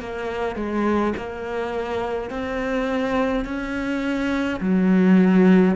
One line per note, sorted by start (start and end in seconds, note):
0.00 0.56 A#3
0.56 1.14 G#3
1.17 2.30 A#3
2.30 3.45 C4
3.45 4.60 C#4
4.60 5.76 F#3